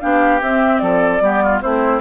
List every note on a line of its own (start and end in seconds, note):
0.00 0.41 B3
0.00 0.40 D4
0.00 0.82 G4
0.00 0.40 F5
0.41 1.21 C4
0.41 0.81 C4
0.41 0.79 E5
0.79 1.21 F3
0.79 1.23 A4
0.79 1.60 D5
1.21 1.61 G3
1.21 1.62 B3
1.21 1.43 G4
1.43 1.62 F4
1.61 2.01 A3
1.61 2.01 C4
1.61 2.01 E4
1.61 2.01 C5